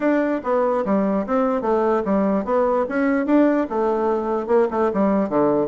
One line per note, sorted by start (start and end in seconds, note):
0.00 0.41 D4
0.43 0.84 B3
0.85 1.26 G3
1.26 1.61 C4
1.61 2.02 A3
2.04 2.45 G3
2.45 2.85 B3
2.88 3.26 C#4
3.26 3.67 D4
3.69 4.47 A3
4.47 4.67 A#3
4.71 4.91 A3
4.93 5.29 G3
5.29 5.67 D3